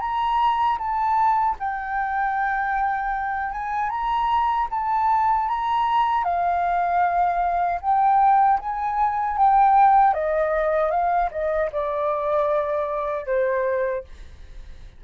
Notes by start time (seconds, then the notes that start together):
0.00 A#5
0.78 A5
1.59 G5
3.52 G#5
3.90 A#5
4.71 A5
5.49 A#5
6.24 F5
7.81 G5
8.60 G#5
9.37 G5
10.14 D#5
10.91 F5
11.31 D#5
11.72 D5
13.26 C5